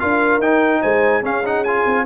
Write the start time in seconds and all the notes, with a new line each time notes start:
0.00 D4 F4 A#4 F5
0.39 D#4 G5
0.81 G#3 C5 G#5
1.23 C#4 G#4 F5
1.45 D#4 F#5
1.64 F4 G#5
1.86 C4